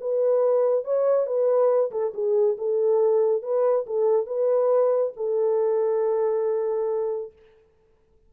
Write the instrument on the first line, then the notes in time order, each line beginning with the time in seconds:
horn
0.00 B4
0.84 C#5
1.26 B4
1.91 A4
2.14 G#4
2.57 A4
3.42 B4
3.86 A4
4.26 B4
5.16 A4